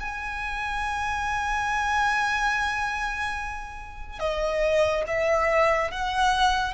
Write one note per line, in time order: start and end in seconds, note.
0.00 4.19 G#5
4.19 5.04 D#5
5.07 5.91 E5
5.91 6.74 F#5